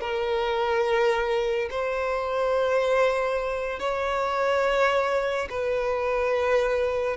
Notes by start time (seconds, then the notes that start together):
0.00 A#4
1.70 C5
3.79 C#5
5.50 B4